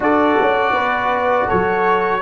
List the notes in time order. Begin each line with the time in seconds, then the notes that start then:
0.00 D4 F#4 A4 D5
0.41 C#4
0.71 B3 B4
1.48 F#3 A4 C#5